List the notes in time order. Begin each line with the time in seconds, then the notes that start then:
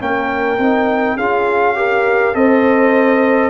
0.00 A#3 C#4 A#4 G5
0.59 C4 D#4
1.17 C#4 F4 G#4 F5
1.75 G4 A#4
2.34 C4 A4 C5 D#5